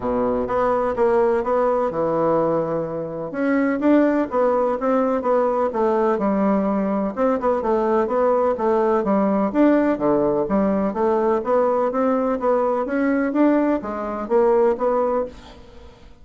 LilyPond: \new Staff \with { instrumentName = "bassoon" } { \time 4/4 \tempo 4 = 126 b,4 b4 ais4 b4 | e2. cis'4 | d'4 b4 c'4 b4 | a4 g2 c'8 b8 |
a4 b4 a4 g4 | d'4 d4 g4 a4 | b4 c'4 b4 cis'4 | d'4 gis4 ais4 b4 | }